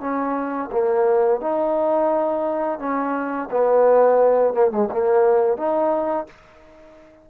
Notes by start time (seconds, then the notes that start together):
0.00 C#4
0.72 A#3
1.41 D#4
2.79 C#4
3.51 B3
4.54 A#3
4.71 G#3
4.92 A#3
5.57 D#4